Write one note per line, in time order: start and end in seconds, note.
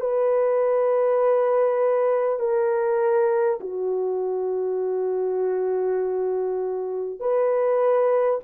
0.00 2.39 B4
2.39 3.59 A#4
3.60 7.19 F#4
7.19 8.39 B4